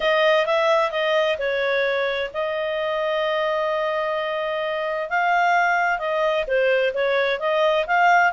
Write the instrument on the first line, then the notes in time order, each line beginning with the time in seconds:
clarinet
0.00 D#5
0.46 E5
0.91 D#5
1.38 C#5
2.33 D#5
5.09 F5
5.99 D#5
6.47 C5
6.94 C#5
7.39 D#5
7.87 F5